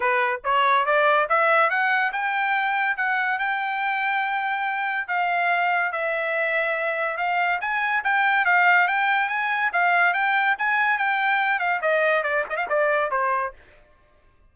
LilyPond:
\new Staff \with { instrumentName = "trumpet" } { \time 4/4 \tempo 4 = 142 b'4 cis''4 d''4 e''4 | fis''4 g''2 fis''4 | g''1 | f''2 e''2~ |
e''4 f''4 gis''4 g''4 | f''4 g''4 gis''4 f''4 | g''4 gis''4 g''4. f''8 | dis''4 d''8 dis''16 f''16 d''4 c''4 | }